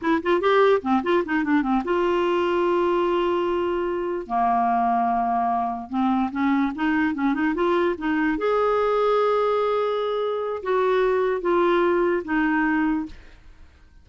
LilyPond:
\new Staff \with { instrumentName = "clarinet" } { \time 4/4 \tempo 4 = 147 e'8 f'8 g'4 c'8 f'8 dis'8 d'8 | c'8 f'2.~ f'8~ | f'2~ f'8 ais4.~ | ais2~ ais8 c'4 cis'8~ |
cis'8 dis'4 cis'8 dis'8 f'4 dis'8~ | dis'8 gis'2.~ gis'8~ | gis'2 fis'2 | f'2 dis'2 | }